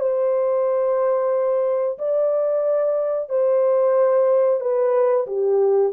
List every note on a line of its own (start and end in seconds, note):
0.00 1.98 C5
1.99 3.29 D5
3.29 4.60 C5
4.60 5.26 B4
5.27 5.93 G4